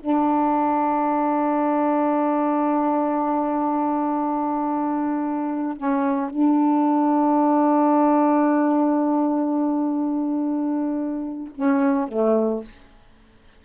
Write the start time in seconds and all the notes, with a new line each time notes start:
0.00 D4
5.77 C#4
6.30 D4
11.55 C#4
12.09 A3